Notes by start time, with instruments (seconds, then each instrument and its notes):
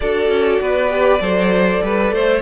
0.00 cello D4, viola F#4, violin A4 D5
0.29 cello C#4
0.60 cello B3, violin B4
0.89 viola G4
1.20 cello F#3, viola A4, violin C5
1.81 cello G3, violin B4
2.11 cello A3, violin C5